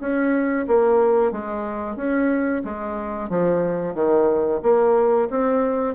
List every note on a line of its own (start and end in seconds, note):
0.00 0.66 C#4
0.67 1.32 A#3
1.32 1.96 G#3
1.96 2.62 C#4
2.64 3.29 G#3
3.29 3.94 F3
3.94 4.60 D#3
4.62 5.28 A#3
5.30 5.94 C4